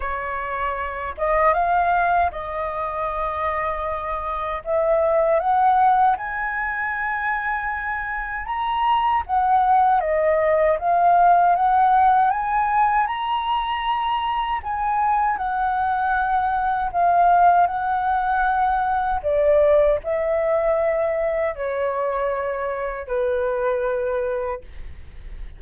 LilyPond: \new Staff \with { instrumentName = "flute" } { \time 4/4 \tempo 4 = 78 cis''4. dis''8 f''4 dis''4~ | dis''2 e''4 fis''4 | gis''2. ais''4 | fis''4 dis''4 f''4 fis''4 |
gis''4 ais''2 gis''4 | fis''2 f''4 fis''4~ | fis''4 d''4 e''2 | cis''2 b'2 | }